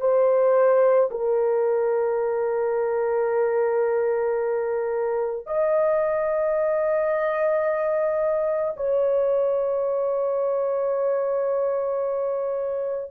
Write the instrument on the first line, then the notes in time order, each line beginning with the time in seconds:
horn
0.00 C5
1.11 A#4
5.46 D#5
8.76 C#5